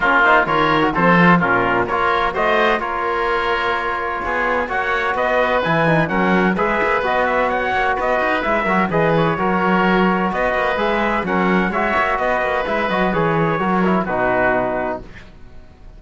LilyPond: <<
  \new Staff \with { instrumentName = "trumpet" } { \time 4/4 \tempo 4 = 128 ais'8 c''8 cis''4 c''4 ais'4 | cis''4 dis''4 cis''2~ | cis''2 fis''4 dis''4 | gis''4 fis''4 e''4 dis''8 e''8 |
fis''4 dis''4 e''4 dis''8 cis''8~ | cis''2 dis''4 e''4 | fis''4 e''4 dis''4 e''8 dis''8 | cis''2 b'2 | }
  \new Staff \with { instrumentName = "oboe" } { \time 4/4 f'4 ais'4 a'4 f'4 | ais'4 c''4 ais'2~ | ais'4 gis'4 cis''4 b'4~ | b'4 ais'4 b'2 |
cis''4 b'4. ais'8 b'4 | ais'2 b'2 | ais'4 cis''4 b'2~ | b'4 ais'4 fis'2 | }
  \new Staff \with { instrumentName = "trombone" } { \time 4/4 cis'8 dis'8 f'8. fis'16 c'8 f'8 cis'4 | f'4 fis'4 f'2~ | f'2 fis'2 | e'8 dis'8 cis'4 gis'4 fis'4~ |
fis'2 e'8 fis'8 gis'4 | fis'2. gis'4 | cis'4 fis'2 e'8 fis'8 | gis'4 fis'8 e'8 dis'2 | }
  \new Staff \with { instrumentName = "cello" } { \time 4/4 ais4 dis4 f4 ais,4 | ais4 a4 ais2~ | ais4 b4 ais4 b4 | e4 fis4 gis8 ais8 b4~ |
b8 ais8 b8 dis'8 gis8 fis8 e4 | fis2 b8 ais8 gis4 | fis4 gis8 ais8 b8 ais8 gis8 fis8 | e4 fis4 b,2 | }
>>